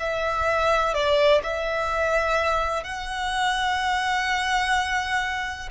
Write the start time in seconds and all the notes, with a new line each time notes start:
0.00 E5
0.94 D5
1.43 E5
2.84 F#5